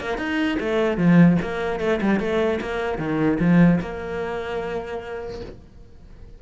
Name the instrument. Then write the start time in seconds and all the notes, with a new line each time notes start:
cello
0.00 A#3
0.17 D#4
0.60 A3
0.97 F3
1.41 A#3
1.80 A3
2.01 G3
2.19 A3
2.61 A#3
2.98 D#3
3.40 F3
3.80 A#3